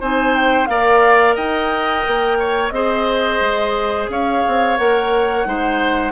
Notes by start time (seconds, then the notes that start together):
0.00 C4 D#4 C5 G#5
0.35 G5
0.66 A#3 A#4 D5 F5
1.35 D#4 D#5 G5
2.07 A#3
2.39 C#5
2.69 C4 G#4 C5 D#5
3.40 G#3
4.09 C#4 C#5 F5
4.47 C4
4.77 A#3 A#4 F#5
5.45 G#3 D#4 C5